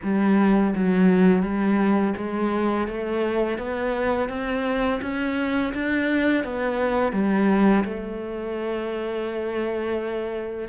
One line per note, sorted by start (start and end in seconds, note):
0.03 0.74 G3
0.75 1.42 F#3
1.42 2.14 G3
2.17 2.87 G#3
2.87 3.57 A3
3.57 4.29 B3
4.29 5.00 C4
5.01 5.73 C#4
5.74 6.44 D4
6.44 7.12 B3
7.12 7.83 G3
7.84 10.68 A3